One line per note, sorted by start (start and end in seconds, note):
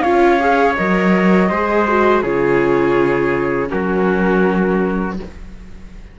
0.00 0.77 C#4
0.00 0.39 F4
0.00 1.49 C#5
0.00 0.73 F5
0.39 0.76 G#4
0.75 1.50 F#3
0.75 1.50 A#4
0.75 2.22 D#5
1.49 2.22 G#3
1.49 1.87 G#4
1.49 2.22 C5
1.87 2.24 F#4
2.22 3.69 C#3
2.22 3.67 F4
2.22 3.68 G#4
2.22 3.69 C#5
3.67 5.19 F#3
3.67 5.14 C#4
3.67 5.17 F#4
3.67 5.16 A#4